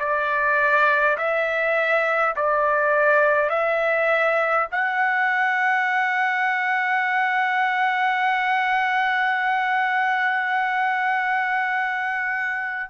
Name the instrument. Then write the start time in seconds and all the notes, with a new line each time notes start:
trumpet
0.00 D5
1.18 E5
2.36 D5
3.50 E5
4.72 F#5